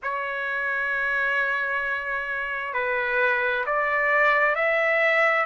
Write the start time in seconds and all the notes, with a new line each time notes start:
0.02 C#5
2.73 B4
3.66 D5
4.55 E5